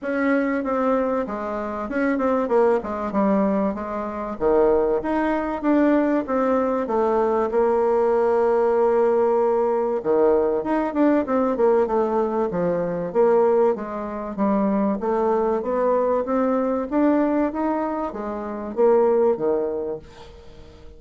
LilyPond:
\new Staff \with { instrumentName = "bassoon" } { \time 4/4 \tempo 4 = 96 cis'4 c'4 gis4 cis'8 c'8 | ais8 gis8 g4 gis4 dis4 | dis'4 d'4 c'4 a4 | ais1 |
dis4 dis'8 d'8 c'8 ais8 a4 | f4 ais4 gis4 g4 | a4 b4 c'4 d'4 | dis'4 gis4 ais4 dis4 | }